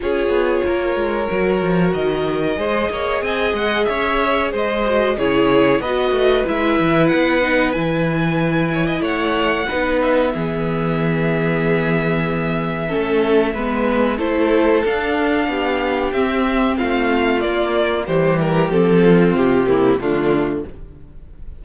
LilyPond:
<<
  \new Staff \with { instrumentName = "violin" } { \time 4/4 \tempo 4 = 93 cis''2. dis''4~ | dis''4 gis''8 fis''8 e''4 dis''4 | cis''4 dis''4 e''4 fis''4 | gis''2 fis''4. e''8~ |
e''1~ | e''2 c''4 f''4~ | f''4 e''4 f''4 d''4 | c''8 ais'8 a'4 g'4 f'4 | }
  \new Staff \with { instrumentName = "violin" } { \time 4/4 gis'4 ais'2. | c''8 cis''8 dis''4 cis''4 c''4 | gis'4 b'2.~ | b'4. cis''16 dis''16 cis''4 b'4 |
gis'1 | a'4 b'4 a'2 | g'2 f'2 | g'4. f'4 e'8 d'4 | }
  \new Staff \with { instrumentName = "viola" } { \time 4/4 f'2 fis'2 | gis'2.~ gis'8 fis'8 | e'4 fis'4 e'4. dis'8 | e'2. dis'4 |
b1 | cis'4 b4 e'4 d'4~ | d'4 c'2 ais4 | g4 c'4. ais8 a4 | }
  \new Staff \with { instrumentName = "cello" } { \time 4/4 cis'8 b8 ais8 gis8 fis8 f8 dis4 | gis8 ais8 c'8 gis8 cis'4 gis4 | cis4 b8 a8 gis8 e8 b4 | e2 a4 b4 |
e1 | a4 gis4 a4 d'4 | b4 c'4 a4 ais4 | e4 f4 c4 d4 | }
>>